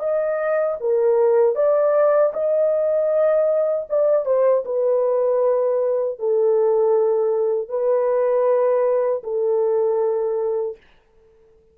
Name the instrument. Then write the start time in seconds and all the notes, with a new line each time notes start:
horn
0.00 D#5
0.81 A#4
1.56 D5
2.34 D#5
3.90 D5
4.26 C5
4.65 B4
6.20 A4
7.69 B4
9.24 A4